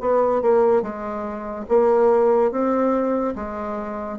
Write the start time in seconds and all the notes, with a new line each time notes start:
0.00 B3
0.42 A#3
0.82 G#3
1.69 A#3
2.52 C4
3.36 G#3